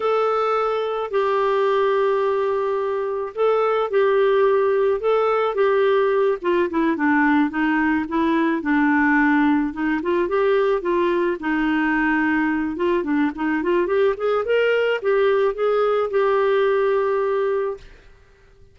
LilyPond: \new Staff \with { instrumentName = "clarinet" } { \time 4/4 \tempo 4 = 108 a'2 g'2~ | g'2 a'4 g'4~ | g'4 a'4 g'4. f'8 | e'8 d'4 dis'4 e'4 d'8~ |
d'4. dis'8 f'8 g'4 f'8~ | f'8 dis'2~ dis'8 f'8 d'8 | dis'8 f'8 g'8 gis'8 ais'4 g'4 | gis'4 g'2. | }